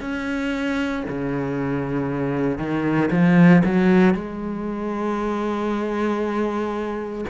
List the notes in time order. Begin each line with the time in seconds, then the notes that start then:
0.00 C#4
1.08 C#3
2.58 D#3
3.11 F3
3.64 F#3
4.14 G#3